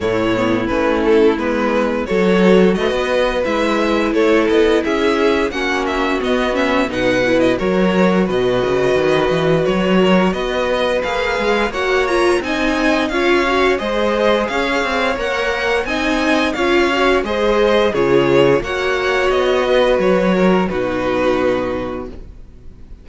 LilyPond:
<<
  \new Staff \with { instrumentName = "violin" } { \time 4/4 \tempo 4 = 87 cis''4 b'8 a'8 b'4 cis''4 | dis''4 e''4 cis''8 dis''8 e''4 | fis''8 e''8 dis''8 e''8 fis''8. dis''16 cis''4 | dis''2 cis''4 dis''4 |
f''4 fis''8 ais''8 gis''4 f''4 | dis''4 f''4 fis''4 gis''4 | f''4 dis''4 cis''4 fis''4 | dis''4 cis''4 b'2 | }
  \new Staff \with { instrumentName = "violin" } { \time 4/4 e'2. a'4 | b'2 a'4 gis'4 | fis'2 b'4 ais'4 | b'2~ b'8 ais'8 b'4~ |
b'4 cis''4 dis''4 cis''4 | c''4 cis''2 dis''4 | cis''4 c''4 gis'4 cis''4~ | cis''8 b'4 ais'8 fis'2 | }
  \new Staff \with { instrumentName = "viola" } { \time 4/4 a8 b8 cis'4 b4 fis'4~ | fis'4 e'2. | cis'4 b8 cis'8 dis'8 e'8 fis'4~ | fis'1 |
gis'4 fis'8 f'8 dis'4 f'8 fis'8 | gis'2 ais'4 dis'4 | f'8 fis'8 gis'4 f'4 fis'4~ | fis'2 dis'2 | }
  \new Staff \with { instrumentName = "cello" } { \time 4/4 a,4 a4 gis4 fis4 | a16 b8. gis4 a8 b8 cis'4 | ais4 b4 b,4 fis4 | b,8 cis8 dis8 e8 fis4 b4 |
ais8 gis8 ais4 c'4 cis'4 | gis4 cis'8 c'8 ais4 c'4 | cis'4 gis4 cis4 ais4 | b4 fis4 b,2 | }
>>